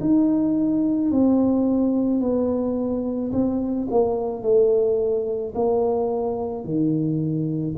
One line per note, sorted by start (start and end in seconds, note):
0.00 1.11 D#4
1.11 2.20 C4
2.20 3.31 B3
3.32 3.87 C4
3.90 4.42 A#3
4.42 5.53 A3
5.55 6.64 A#3
6.64 7.75 D#3